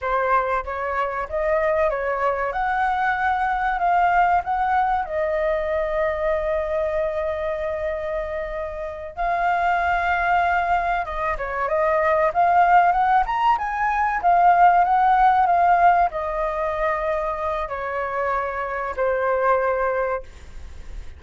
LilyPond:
\new Staff \with { instrumentName = "flute" } { \time 4/4 \tempo 4 = 95 c''4 cis''4 dis''4 cis''4 | fis''2 f''4 fis''4 | dis''1~ | dis''2~ dis''8 f''4.~ |
f''4. dis''8 cis''8 dis''4 f''8~ | f''8 fis''8 ais''8 gis''4 f''4 fis''8~ | fis''8 f''4 dis''2~ dis''8 | cis''2 c''2 | }